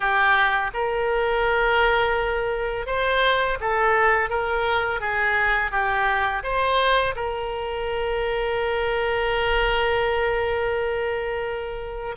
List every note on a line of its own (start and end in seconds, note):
0.00 0.71 G4
0.73 2.86 A#4
2.86 3.57 C5
3.60 4.29 A4
4.29 5.00 A#4
5.00 5.71 G#4
5.71 6.42 G4
6.43 7.14 C5
7.15 12.15 A#4